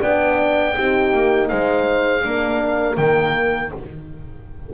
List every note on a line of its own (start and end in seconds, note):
0.00 0.76 B3
0.00 0.74 D4
0.00 0.75 D5
0.00 1.49 G5
0.75 1.13 C4
0.75 2.23 D#4
0.75 1.49 G4
1.13 1.50 A#3
1.49 2.24 G#3
1.49 2.24 C5
1.49 2.97 F5
2.23 2.98 A#3
2.23 2.97 D4
2.23 3.73 A#4
2.97 3.72 D#3
2.97 3.72 A#3
2.97 3.71 G5